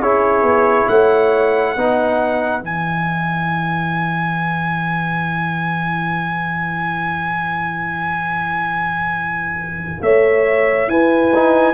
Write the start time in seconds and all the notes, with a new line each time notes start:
0.00 C#4 E4 G#4 C#5
0.43 B3
0.89 A3 C#5 F#5
1.75 B3 D#4 B4
2.61 E3 E4 G#5
10.01 A3 C#5 E5
10.88 E4 B4 G#5
11.34 D#4